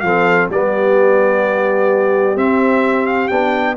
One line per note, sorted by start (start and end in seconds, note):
0.00 0.48 F3
0.00 0.51 C4
0.00 0.50 A4
0.00 0.47 F5
0.49 2.35 G3
0.49 2.36 B3
0.49 3.76 G4
0.49 2.37 D5
2.35 3.28 C4
2.35 3.29 C4
2.35 3.06 E5
3.06 3.28 F5
3.28 3.77 B3
3.28 3.76 D4
3.28 3.74 G5